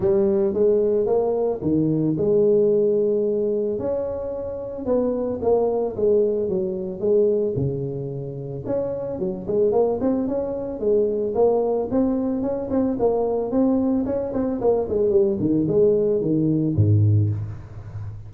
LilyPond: \new Staff \with { instrumentName = "tuba" } { \time 4/4 \tempo 4 = 111 g4 gis4 ais4 dis4 | gis2. cis'4~ | cis'4 b4 ais4 gis4 | fis4 gis4 cis2 |
cis'4 fis8 gis8 ais8 c'8 cis'4 | gis4 ais4 c'4 cis'8 c'8 | ais4 c'4 cis'8 c'8 ais8 gis8 | g8 dis8 gis4 dis4 gis,4 | }